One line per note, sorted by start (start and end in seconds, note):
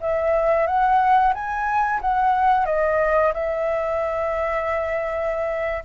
0.00 0.66 E5
0.66 1.33 F#5
1.34 2.00 G#5
2.01 2.65 F#5
2.65 3.32 D#5
3.33 5.83 E5